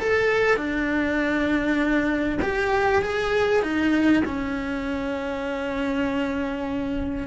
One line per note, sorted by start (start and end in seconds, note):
0.00 0.56 A4
0.56 2.38 D4
2.42 3.02 G4
3.02 3.63 G#4
3.63 4.23 D#4
4.25 7.27 C#4